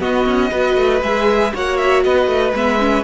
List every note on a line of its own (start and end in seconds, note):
0.00 0.25 B3
0.00 0.51 B3
0.00 0.51 F#4
0.00 1.03 D#5
0.26 0.52 C#4
0.51 0.77 B3
0.51 1.02 F#4
0.51 1.53 B4
0.77 1.02 A3
1.03 1.53 G#3
1.03 1.53 G#4
1.03 1.53 E5
1.53 2.06 A#3
1.53 2.54 F#4
1.53 2.05 C#5
1.53 1.78 F#5
1.78 2.03 E5
2.04 2.27 B3
2.04 3.04 B4
2.04 2.54 D#5
2.27 2.53 A3
2.54 3.04 G#3
2.54 2.80 B3
2.54 3.04 E5
2.80 3.04 C#4